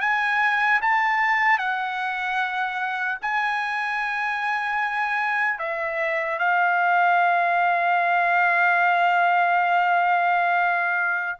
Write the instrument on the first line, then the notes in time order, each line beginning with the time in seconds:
trumpet
0.00 G#5
0.81 A5
1.58 F#5
3.21 G#5
5.58 E5
6.38 F5